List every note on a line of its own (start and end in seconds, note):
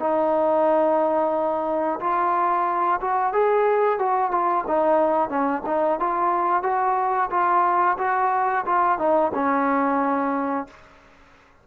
0.00 2.00 D#4
2.01 3.01 F4
3.01 3.33 F#4
3.33 3.99 G#4
3.99 4.32 F#4
4.32 4.65 F4
4.68 5.29 D#4
5.29 5.63 C#4
5.66 6.00 D#4
6.00 6.63 F4
6.63 7.30 F#4
7.31 7.98 F4
7.98 8.65 F#4
8.66 8.98 F4
8.98 9.32 D#4
9.34 10.68 C#4